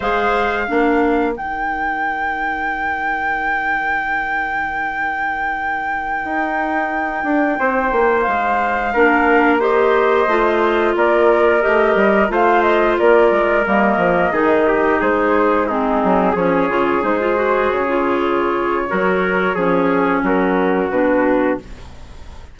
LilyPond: <<
  \new Staff \with { instrumentName = "flute" } { \time 4/4 \tempo 4 = 89 f''2 g''2~ | g''1~ | g''1~ | g''16 f''2 dis''4.~ dis''16~ |
dis''16 d''4 dis''4 f''8 dis''8 d''8.~ | d''16 dis''2 c''4 gis'8.~ | gis'16 cis''4 c''4 cis''4.~ cis''16~ | cis''2 ais'4 b'4 | }
  \new Staff \with { instrumentName = "trumpet" } { \time 4/4 c''4 ais'2.~ | ais'1~ | ais'2.~ ais'16 c''8.~ | c''4~ c''16 ais'4 c''4.~ c''16~ |
c''16 ais'2 c''4 ais'8.~ | ais'4~ ais'16 gis'8 g'8 gis'4 dis'8.~ | dis'16 gis'2.~ gis'8. | ais'4 gis'4 fis'2 | }
  \new Staff \with { instrumentName = "clarinet" } { \time 4/4 gis'4 d'4 dis'2~ | dis'1~ | dis'1~ | dis'4~ dis'16 d'4 g'4 f'8.~ |
f'4~ f'16 g'4 f'4.~ f'16~ | f'16 ais4 dis'2 c'8.~ | c'16 cis'8 f'8 dis'16 f'16 fis'8. f'4. | fis'4 cis'2 d'4 | }
  \new Staff \with { instrumentName = "bassoon" } { \time 4/4 gis4 ais4 dis2~ | dis1~ | dis4~ dis16 dis'4. d'8 c'8 ais16~ | ais16 gis4 ais2 a8.~ |
a16 ais4 a8 g8 a4 ais8 gis16~ | gis16 g8 f8 dis4 gis4. fis16~ | fis16 f8 cis8 gis4 cis4.~ cis16 | fis4 f4 fis4 b,4 | }
>>